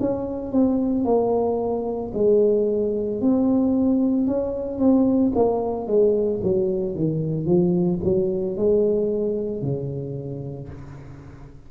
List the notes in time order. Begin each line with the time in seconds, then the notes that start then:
0.00 C#4
0.52 C4
1.05 A#3
2.14 G#3
3.21 C4
4.27 C#4
4.79 C4
5.35 A#3
5.87 G#3
6.43 F#3
6.95 D#3
7.46 F3
8.04 F#3
8.57 G#3
9.62 C#3